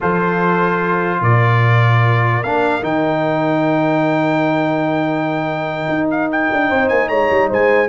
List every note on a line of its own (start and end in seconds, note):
0.00 1.21 F3
0.00 2.43 F4
0.00 1.20 A4
0.00 1.23 C5
1.20 2.42 A#2
1.20 6.67 A#4
1.20 2.43 D5
2.43 2.82 A#3
2.43 2.81 D4
2.43 2.83 F5
2.81 5.86 D#3
2.81 7.88 D#4
2.81 6.08 G5
5.88 6.49 D#4
6.10 6.30 F5
6.31 6.88 G5
6.52 6.70 D4
6.68 6.90 C4
6.68 7.08 C5
6.88 7.09 A#3
6.88 7.08 G#5
7.08 7.29 G#3
7.08 7.49 C#5
7.08 7.49 A#5
7.30 7.50 G3
7.49 7.88 G#3
7.49 7.88 C5
7.49 7.88 G#5